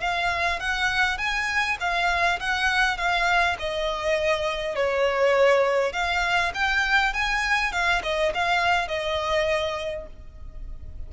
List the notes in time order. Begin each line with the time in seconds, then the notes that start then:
0.00 F5
0.60 F#5
1.17 G#5
1.80 F5
2.40 F#5
2.97 F5
3.59 D#5
4.75 C#5
5.92 F5
6.54 G5
7.13 G#5
7.72 F5
8.03 D#5
8.34 F5
8.88 D#5